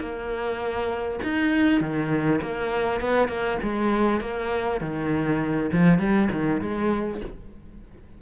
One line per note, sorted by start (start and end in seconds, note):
0.00 1.20 A#3
1.24 1.81 D#4
1.81 2.41 D#3
2.42 3.01 A#3
3.01 3.28 B3
3.28 3.58 A#3
3.63 4.21 G#3
4.21 4.81 A#3
4.81 5.71 D#3
5.72 5.99 F3
5.99 6.29 G3
6.32 6.61 D#3
6.61 7.21 G#3